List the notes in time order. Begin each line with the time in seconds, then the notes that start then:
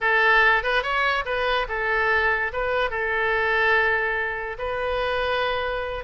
0.00 A4
0.63 B4
0.82 C#5
1.25 B4
1.68 A4
2.52 B4
2.90 A4
4.58 B4